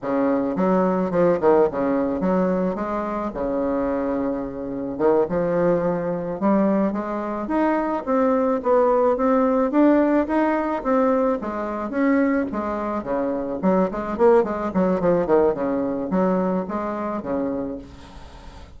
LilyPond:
\new Staff \with { instrumentName = "bassoon" } { \time 4/4 \tempo 4 = 108 cis4 fis4 f8 dis8 cis4 | fis4 gis4 cis2~ | cis4 dis8 f2 g8~ | g8 gis4 dis'4 c'4 b8~ |
b8 c'4 d'4 dis'4 c'8~ | c'8 gis4 cis'4 gis4 cis8~ | cis8 fis8 gis8 ais8 gis8 fis8 f8 dis8 | cis4 fis4 gis4 cis4 | }